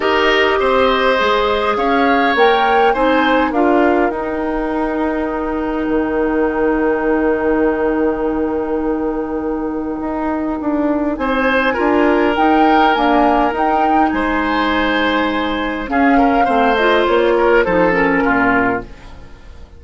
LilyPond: <<
  \new Staff \with { instrumentName = "flute" } { \time 4/4 \tempo 4 = 102 dis''2. f''4 | g''4 gis''4 f''4 g''4~ | g''1~ | g''1~ |
g''2. gis''4~ | gis''4 g''4 gis''4 g''4 | gis''2. f''4~ | f''8 dis''8 cis''4 c''8 ais'4. | }
  \new Staff \with { instrumentName = "oboe" } { \time 4/4 ais'4 c''2 cis''4~ | cis''4 c''4 ais'2~ | ais'1~ | ais'1~ |
ais'2. c''4 | ais'1 | c''2. gis'8 ais'8 | c''4. ais'8 a'4 f'4 | }
  \new Staff \with { instrumentName = "clarinet" } { \time 4/4 g'2 gis'2 | ais'4 dis'4 f'4 dis'4~ | dis'1~ | dis'1~ |
dis'1 | f'4 dis'4 ais4 dis'4~ | dis'2. cis'4 | c'8 f'4. dis'8 cis'4. | }
  \new Staff \with { instrumentName = "bassoon" } { \time 4/4 dis'4 c'4 gis4 cis'4 | ais4 c'4 d'4 dis'4~ | dis'2 dis2~ | dis1~ |
dis4 dis'4 d'4 c'4 | d'4 dis'4 d'4 dis'4 | gis2. cis'4 | a4 ais4 f4 ais,4 | }
>>